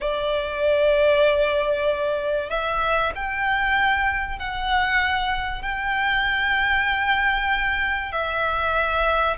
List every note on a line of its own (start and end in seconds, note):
0.00 2.49 D5
2.49 3.12 E5
3.15 4.38 G5
4.38 5.62 F#5
5.62 8.12 G5
8.12 9.37 E5